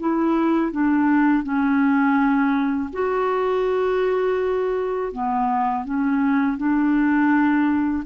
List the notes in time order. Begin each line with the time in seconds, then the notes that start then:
0.00 E4
0.72 D4
1.44 C#4
2.93 F#4
5.13 B3
5.85 C#4
6.58 D4